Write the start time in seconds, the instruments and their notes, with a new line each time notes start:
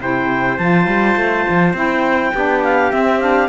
0.00 cello C3, saxophone E4, trumpet C5, clarinet G5
0.58 cello F3, saxophone F4, clarinet A5
0.87 cello G3
1.17 cello A3
1.50 cello F3
1.74 cello C4, saxophone E4, clarinet G5
2.34 cello B3, saxophone D4, trumpet G4
2.64 clarinet F5
2.92 saxophone C4, cello C4, clarinet E5
3.21 saxophone D4, clarinet F5